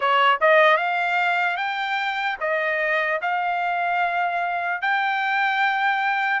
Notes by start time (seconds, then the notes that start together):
0.00 C#5
0.40 D#5
0.77 F5
1.56 G5
2.40 D#5
3.21 F5
4.81 G5